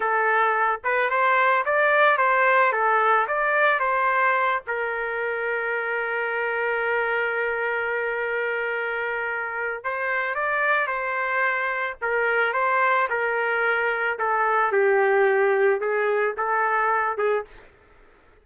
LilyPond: \new Staff \with { instrumentName = "trumpet" } { \time 4/4 \tempo 4 = 110 a'4. b'8 c''4 d''4 | c''4 a'4 d''4 c''4~ | c''8 ais'2.~ ais'8~ | ais'1~ |
ais'2 c''4 d''4 | c''2 ais'4 c''4 | ais'2 a'4 g'4~ | g'4 gis'4 a'4. gis'8 | }